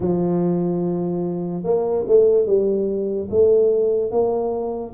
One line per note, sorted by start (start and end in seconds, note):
0.00 1.63 F3
1.63 2.04 A#3
2.07 2.46 A3
2.46 3.28 G3
3.30 4.11 A3
4.11 4.93 A#3